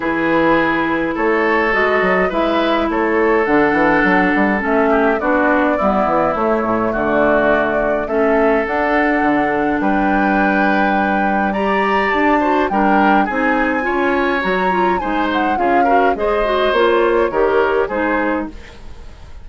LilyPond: <<
  \new Staff \with { instrumentName = "flute" } { \time 4/4 \tempo 4 = 104 b'2 cis''4 dis''4 | e''4 cis''4 fis''2 | e''4 d''2 cis''4 | d''2 e''4 fis''4~ |
fis''4 g''2. | ais''4 a''4 g''4 gis''4~ | gis''4 ais''4 gis''8 fis''8 f''4 | dis''4 cis''2 c''4 | }
  \new Staff \with { instrumentName = "oboe" } { \time 4/4 gis'2 a'2 | b'4 a'2.~ | a'8 g'8 fis'4 e'2 | fis'2 a'2~ |
a'4 b'2. | d''4. c''8 ais'4 gis'4 | cis''2 c''4 gis'8 ais'8 | c''2 ais'4 gis'4 | }
  \new Staff \with { instrumentName = "clarinet" } { \time 4/4 e'2. fis'4 | e'2 d'2 | cis'4 d'4 b4 a4~ | a2 cis'4 d'4~ |
d'1 | g'4. fis'8 d'4 dis'4 | f'4 fis'8 f'8 dis'4 f'8 fis'8 | gis'8 fis'8 f'4 g'4 dis'4 | }
  \new Staff \with { instrumentName = "bassoon" } { \time 4/4 e2 a4 gis8 fis8 | gis4 a4 d8 e8 fis8 g8 | a4 b4 g8 e8 a8 a,8 | d2 a4 d'4 |
d4 g2.~ | g4 d'4 g4 c'4 | cis'4 fis4 gis4 cis'4 | gis4 ais4 dis4 gis4 | }
>>